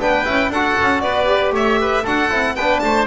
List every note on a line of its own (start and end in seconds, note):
0.00 0.26 B3
0.00 0.25 D4
0.00 0.52 B4
0.00 0.52 G5
0.25 0.49 C#4
0.25 0.51 E4
0.49 0.75 D4
0.49 1.26 F#4
0.49 1.03 A4
0.49 1.01 F#5
0.81 1.03 C#4
1.01 1.52 B3
1.01 1.54 B4
1.01 1.52 D5
1.26 2.02 G4
1.52 2.03 A3
1.52 1.80 C#5
1.52 2.06 E5
1.81 2.03 B4
2.03 2.31 D4
2.03 2.30 F#4
2.03 2.54 A4
2.03 2.56 F#5
2.30 2.55 C4
2.30 2.56 E4
2.55 2.81 B3
2.55 3.07 D4
2.55 2.82 B4
2.55 2.80 G5
2.80 3.07 A3
2.80 3.07 C5
2.80 3.05 A5